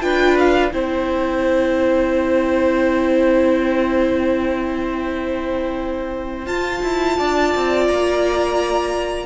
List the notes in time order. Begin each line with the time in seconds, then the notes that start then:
0.00 D4 F4 B4 G5
0.39 F5
0.72 C4 E4 C5 G5
6.46 F4 A5
6.82 E4
7.18 D4 D5
7.55 C4
7.87 A#3 A#5